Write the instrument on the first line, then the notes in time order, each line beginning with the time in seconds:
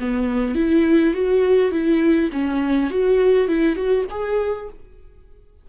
viola
0.00 B3
0.55 E4
1.14 F#4
1.72 E4
2.33 C#4
2.90 F#4
3.48 E4
3.76 F#4
4.10 G#4